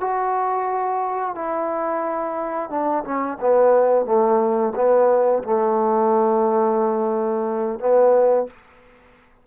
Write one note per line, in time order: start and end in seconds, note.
0.00 1.35 F#4
1.35 2.70 E4
2.70 3.03 D4
3.04 3.38 C#4
3.40 4.05 B3
4.05 4.73 A3
4.75 5.43 B3
5.43 7.79 A3
7.79 8.46 B3